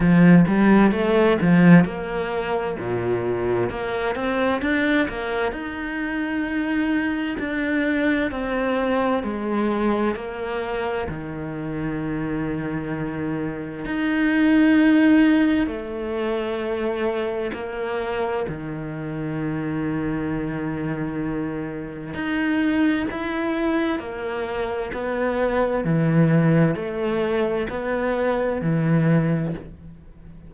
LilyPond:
\new Staff \with { instrumentName = "cello" } { \time 4/4 \tempo 4 = 65 f8 g8 a8 f8 ais4 ais,4 | ais8 c'8 d'8 ais8 dis'2 | d'4 c'4 gis4 ais4 | dis2. dis'4~ |
dis'4 a2 ais4 | dis1 | dis'4 e'4 ais4 b4 | e4 a4 b4 e4 | }